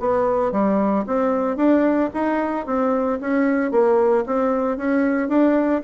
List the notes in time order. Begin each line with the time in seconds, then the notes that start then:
0.00 B3
0.52 G3
1.07 C4
1.57 D4
2.14 D#4
2.67 C4
3.21 C#4
3.72 A#3
4.26 C4
4.77 C#4
5.29 D4